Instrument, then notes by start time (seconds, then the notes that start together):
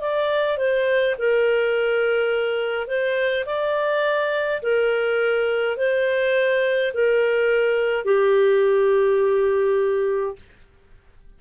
clarinet
0.00 D5
0.58 C5
1.18 A#4
2.87 C5
3.46 D5
4.62 A#4
5.77 C5
6.93 A#4
8.05 G4